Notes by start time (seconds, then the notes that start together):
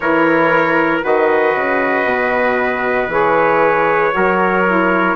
0.00 E3 E4 A#4 C#5
1.02 D#3 F#4 B4 D#5
1.55 C#3
2.04 B2
3.08 E3 G#4 C#5
4.11 F#3 F#4 A#4
4.67 E4